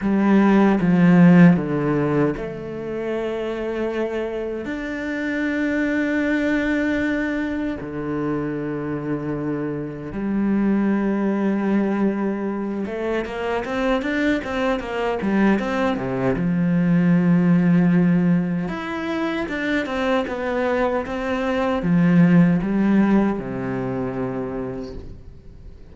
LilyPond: \new Staff \with { instrumentName = "cello" } { \time 4/4 \tempo 4 = 77 g4 f4 d4 a4~ | a2 d'2~ | d'2 d2~ | d4 g2.~ |
g8 a8 ais8 c'8 d'8 c'8 ais8 g8 | c'8 c8 f2. | e'4 d'8 c'8 b4 c'4 | f4 g4 c2 | }